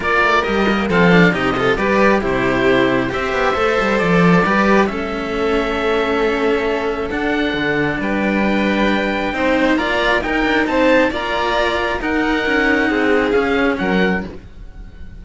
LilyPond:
<<
  \new Staff \with { instrumentName = "oboe" } { \time 4/4 \tempo 4 = 135 d''4 dis''4 f''4 dis''4 | d''4 c''2 e''4~ | e''4 d''2 e''4~ | e''1 |
fis''2 g''2~ | g''2 ais''4 g''4 | a''4 ais''2 fis''4~ | fis''2 f''4 fis''4 | }
  \new Staff \with { instrumentName = "violin" } { \time 4/4 ais'2 a'4 g'8 a'8 | b'4 g'2 c''4~ | c''2 b'4 a'4~ | a'1~ |
a'2 b'2~ | b'4 c''4 d''4 ais'4 | c''4 d''2 ais'4~ | ais'4 gis'2 ais'4 | }
  \new Staff \with { instrumentName = "cello" } { \time 4/4 f'4 g'8 ais8 c'8 d'8 dis'8 f'8 | g'4 e'2 g'4 | a'2 g'4 cis'4~ | cis'1 |
d'1~ | d'4 dis'4 f'4 dis'4~ | dis'4 f'2 dis'4~ | dis'2 cis'2 | }
  \new Staff \with { instrumentName = "cello" } { \time 4/4 ais8 a8 g4 f4 c4 | g4 c2 c'8 b8 | a8 g8 f4 g4 a4~ | a1 |
d'4 d4 g2~ | g4 c'4 ais4 dis'8 d'8 | c'4 ais2 dis'4 | cis'4 c'4 cis'4 fis4 | }
>>